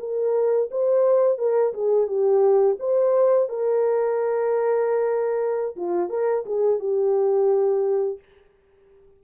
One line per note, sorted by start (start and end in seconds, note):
0.00 0.70 A#4
0.71 1.39 C5
1.39 1.73 A#4
1.74 2.07 G#4
2.07 2.77 G4
2.80 3.49 C5
3.49 5.76 A#4
5.77 6.10 F4
6.10 6.45 A#4
6.46 6.80 G#4
6.80 8.19 G4